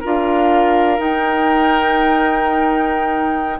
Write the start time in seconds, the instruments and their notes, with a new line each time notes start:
0.00 bassoon D4, clarinet F4, oboe A#4, flute F5
0.97 clarinet D#4, bassoon D#4, flute G5